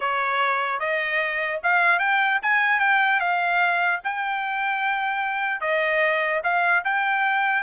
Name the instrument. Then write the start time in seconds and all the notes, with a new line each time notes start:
trumpet
0.00 C#5
0.79 D#5
1.63 F5
1.99 G5
2.42 G#5
2.79 G5
3.20 F5
4.03 G5
5.60 D#5
6.43 F5
6.84 G5